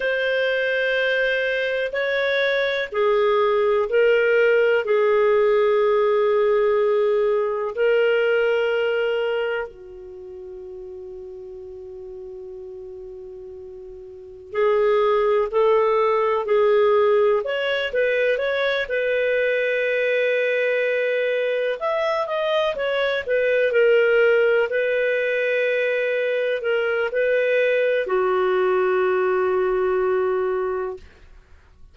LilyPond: \new Staff \with { instrumentName = "clarinet" } { \time 4/4 \tempo 4 = 62 c''2 cis''4 gis'4 | ais'4 gis'2. | ais'2 fis'2~ | fis'2. gis'4 |
a'4 gis'4 cis''8 b'8 cis''8 b'8~ | b'2~ b'8 e''8 dis''8 cis''8 | b'8 ais'4 b'2 ais'8 | b'4 fis'2. | }